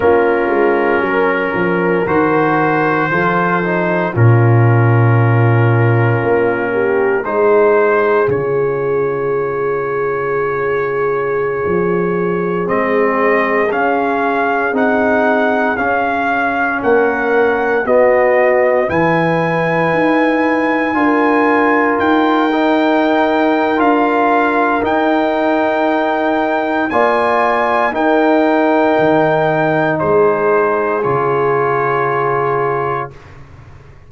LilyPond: <<
  \new Staff \with { instrumentName = "trumpet" } { \time 4/4 \tempo 4 = 58 ais'2 c''2 | ais'2. c''4 | cis''1~ | cis''16 dis''4 f''4 fis''4 f''8.~ |
f''16 fis''4 dis''4 gis''4.~ gis''16~ | gis''4~ gis''16 g''4.~ g''16 f''4 | g''2 gis''4 g''4~ | g''4 c''4 cis''2 | }
  \new Staff \with { instrumentName = "horn" } { \time 4/4 f'4 ais'2 a'4 | f'2~ f'8 g'8 gis'4~ | gis'1~ | gis'1~ |
gis'16 ais'4 fis'4 b'4.~ b'16~ | b'16 ais'2.~ ais'8.~ | ais'2 d''4 ais'4~ | ais'4 gis'2. | }
  \new Staff \with { instrumentName = "trombone" } { \time 4/4 cis'2 fis'4 f'8 dis'8 | cis'2. dis'4 | f'1~ | f'16 c'4 cis'4 dis'4 cis'8.~ |
cis'4~ cis'16 b4 e'4.~ e'16~ | e'16 f'4. dis'4~ dis'16 f'4 | dis'2 f'4 dis'4~ | dis'2 f'2 | }
  \new Staff \with { instrumentName = "tuba" } { \time 4/4 ais8 gis8 fis8 f8 dis4 f4 | ais,2 ais4 gis4 | cis2.~ cis16 f8.~ | f16 gis4 cis'4 c'4 cis'8.~ |
cis'16 ais4 b4 e4 dis'8.~ | dis'16 d'4 dis'4.~ dis'16 d'4 | dis'2 ais4 dis'4 | dis4 gis4 cis2 | }
>>